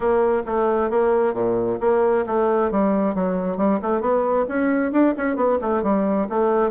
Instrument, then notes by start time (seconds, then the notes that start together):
bassoon
0.00 A#3
0.46 A3
0.90 A#3
1.33 A#2
1.80 A#3
2.26 A3
2.71 G3
3.14 F#3
3.57 G3
3.82 A3
4.00 B3
4.48 C#4
4.92 D4
5.17 C#4
5.36 B3
5.61 A3
5.82 G3
6.29 A3